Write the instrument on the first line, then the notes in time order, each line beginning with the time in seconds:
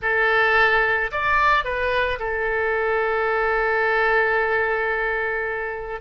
oboe
0.02 A4
1.11 D5
1.64 B4
2.19 A4